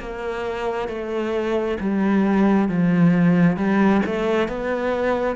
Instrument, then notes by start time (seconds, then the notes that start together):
cello
0.00 A#3
0.89 A3
1.80 G3
2.69 F3
3.57 G3
4.06 A3
4.48 B3